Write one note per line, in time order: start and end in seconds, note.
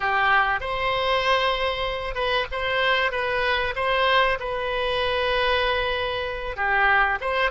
0.00 0.60 G4
0.60 2.14 C5
2.14 2.46 B4
2.51 3.11 C5
3.11 3.74 B4
3.75 4.38 C5
4.39 6.56 B4
6.56 7.18 G4
7.20 7.50 C5